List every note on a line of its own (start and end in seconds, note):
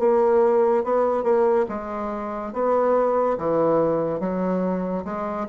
0.00 0.85 A#3
0.85 1.24 B3
1.24 1.66 A#3
1.69 2.54 G#3
2.54 3.38 B3
3.38 4.20 E3
4.20 5.05 F#3
5.05 5.47 G#3